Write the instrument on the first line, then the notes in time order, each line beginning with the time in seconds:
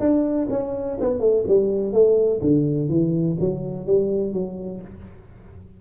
tuba
0.00 D4
0.50 C#4
1.01 B3
1.20 A3
1.48 G3
1.93 A3
2.42 D3
2.89 E3
3.40 F#3
3.86 G3
4.33 F#3